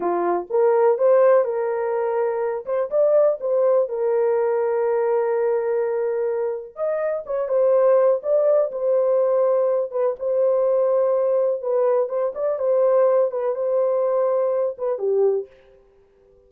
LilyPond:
\new Staff \with { instrumentName = "horn" } { \time 4/4 \tempo 4 = 124 f'4 ais'4 c''4 ais'4~ | ais'4. c''8 d''4 c''4 | ais'1~ | ais'2 dis''4 cis''8 c''8~ |
c''4 d''4 c''2~ | c''8 b'8 c''2. | b'4 c''8 d''8 c''4. b'8 | c''2~ c''8 b'8 g'4 | }